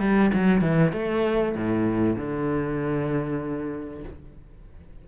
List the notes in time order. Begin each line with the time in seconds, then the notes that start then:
0.00 G3
0.34 F#3
0.61 E3
0.93 A3
1.55 A2
2.16 D3